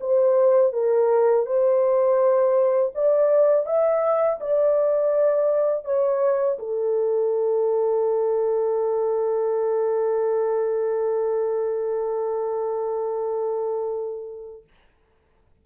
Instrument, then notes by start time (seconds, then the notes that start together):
horn
0.00 C5
0.73 A#4
1.46 C5
2.95 D5
3.66 E5
4.40 D5
5.84 C#5
6.58 A4